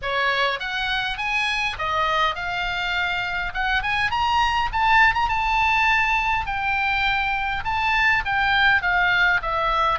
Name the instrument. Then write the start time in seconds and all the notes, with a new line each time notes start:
oboe
0.02 C#5
0.59 F#5
1.17 G#5
1.78 D#5
2.35 F5
3.53 F#5
3.82 G#5
4.10 A#5
4.72 A5
5.14 A#5
5.28 A5
6.45 G5
7.64 A5
8.25 G5
8.82 F5
9.42 E5